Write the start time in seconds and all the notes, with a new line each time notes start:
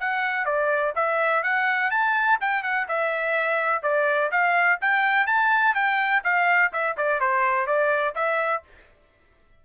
0.00 F#5
0.45 D5
0.96 E5
1.43 F#5
1.91 A5
2.41 G5
2.63 F#5
2.88 E5
3.83 D5
4.32 F5
4.81 G5
5.27 A5
5.75 G5
6.24 F5
6.73 E5
6.97 D5
7.20 C5
7.67 D5
8.15 E5